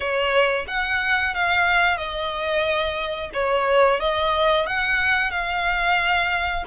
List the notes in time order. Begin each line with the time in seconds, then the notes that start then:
0.00 C#5
0.67 F#5
1.34 F5
1.97 D#5
3.33 C#5
4.00 D#5
4.66 F#5
5.30 F5